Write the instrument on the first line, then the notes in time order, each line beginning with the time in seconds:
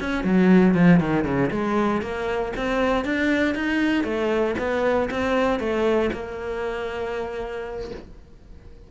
cello
0.00 C#4
0.24 F#3
0.74 F3
1.00 D#3
1.24 C#3
1.50 G#3
2.01 A#3
2.56 C4
3.05 D4
3.55 D#4
4.04 A3
4.58 B3
5.10 C4
5.60 A3
6.13 A#3